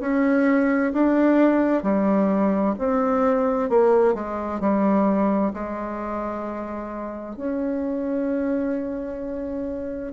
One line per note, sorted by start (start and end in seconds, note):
0.00 0.92 C#4
0.93 1.83 D4
1.83 2.75 G3
2.79 3.70 C4
3.70 4.14 A#3
4.14 4.60 G#3
4.60 5.53 G3
5.53 7.36 G#3
7.36 10.12 C#4